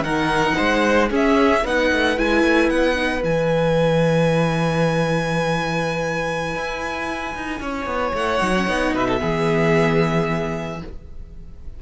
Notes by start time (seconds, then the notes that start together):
0.00 D#3 D#4 A#4 F#5
0.56 G#3 C5
1.10 C#4 G#4 E5
1.62 B3 D#4 B4 F#5
1.92 A3
2.17 G#3 E4 G#5
2.43 A3
2.69 B3 F#5
2.95 D#4
3.21 E3 E4 G#5
6.55 E4
7.35 D#4
7.60 C#4 C#5
7.86 B3
8.13 A3 F#5
8.39 F#3 D#4
8.57 C#4
8.67 B3 D#4
8.94 B2 B4 E5
9.08 A4
9.19 E3 B3 G#4